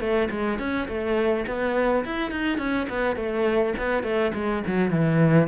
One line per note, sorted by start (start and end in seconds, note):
0.00 0.29 A3
0.30 0.59 G#3
0.59 0.88 C#4
0.88 1.46 A3
1.47 2.04 B3
2.05 2.31 E4
2.31 2.58 D#4
2.58 2.87 C#4
2.89 3.16 B3
3.16 3.74 A3
3.78 4.03 B3
4.03 4.32 A3
4.34 4.63 G#3
4.67 4.90 F#3
4.90 5.48 E3